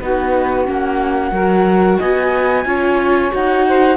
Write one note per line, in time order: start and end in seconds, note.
0.00 0.68 B3
0.00 0.66 D#4
0.00 1.33 F#4
0.00 0.67 B4
0.66 1.31 A#3
0.66 1.32 C#4
0.66 1.99 F#5
1.31 1.98 F#3
1.31 2.66 F#4
1.31 1.99 A#4
1.99 2.65 B3
1.99 2.65 D#5
1.99 3.32 G#5
2.65 3.32 C#4
2.65 3.31 F4
2.65 3.66 C#5
3.31 3.97 D#4
3.31 3.97 F#4
3.31 3.97 F#5
3.68 3.97 C5